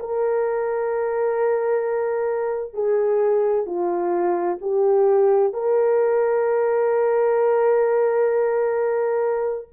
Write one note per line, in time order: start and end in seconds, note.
0.00 2.74 A#4
2.74 3.66 G#4
3.66 4.59 F4
4.62 5.54 G4
5.54 9.69 A#4